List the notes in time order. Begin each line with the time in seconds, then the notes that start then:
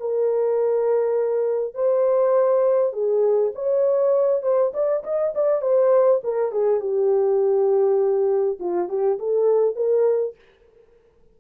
0.00 A#4
1.74 C5
2.93 G#4
3.55 C#5
4.42 C5
4.73 D5
5.04 D#5
5.35 D5
5.62 C5
6.24 A#4
6.52 G#4
6.81 G4
8.59 F4
8.89 G4
9.19 A4
9.76 A#4